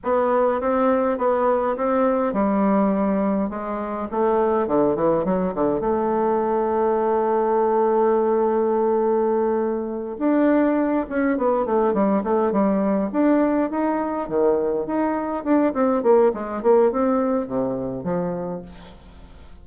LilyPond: \new Staff \with { instrumentName = "bassoon" } { \time 4/4 \tempo 4 = 103 b4 c'4 b4 c'4 | g2 gis4 a4 | d8 e8 fis8 d8 a2~ | a1~ |
a4. d'4. cis'8 b8 | a8 g8 a8 g4 d'4 dis'8~ | dis'8 dis4 dis'4 d'8 c'8 ais8 | gis8 ais8 c'4 c4 f4 | }